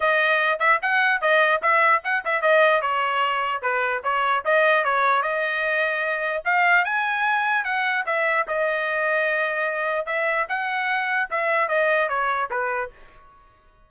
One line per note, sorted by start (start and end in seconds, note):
0.00 0.59 D#5
0.59 0.79 E5
0.81 1.21 F#5
1.21 1.61 D#5
1.62 2.02 E5
2.03 2.23 F#5
2.24 2.41 E5
2.41 2.81 D#5
2.81 3.61 C#5
3.61 4.02 B4
4.03 4.43 C#5
4.44 4.84 D#5
4.84 5.22 C#5
5.22 6.43 D#5
6.44 6.84 F5
6.84 7.64 G#5
7.64 8.04 F#5
8.06 8.46 E5
8.47 10.06 D#5
10.06 10.46 E5
10.48 11.29 F#5
11.30 11.68 E5
11.68 12.08 D#5
12.08 12.49 C#5
12.50 12.90 B4